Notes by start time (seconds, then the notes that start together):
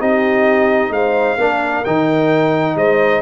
0.00 C4 D#4 G4 D#5
0.90 G#3 C5 F5
1.38 A#3 D4 A#4
1.85 D#3 D#4 G5
2.76 G#3 C5 D#5